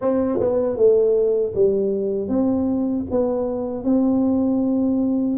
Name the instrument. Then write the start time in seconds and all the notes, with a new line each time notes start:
tuba
0.01 C4
0.40 B3
0.76 A3
1.54 G3
2.28 C4
3.10 B3
3.84 C4